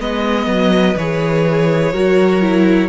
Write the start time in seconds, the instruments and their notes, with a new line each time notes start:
0.00 cello G#3, viola B3, violin B4 D#5
0.47 cello F#3
0.97 cello E3, viola G#4, violin C#5
1.93 cello F#3, viola F#4, violin A#4
2.41 viola E4